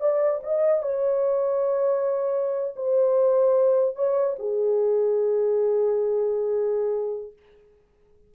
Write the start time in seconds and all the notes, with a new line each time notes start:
0.00 D5
0.43 D#5
0.82 C#5
2.76 C5
3.96 C#5
4.39 G#4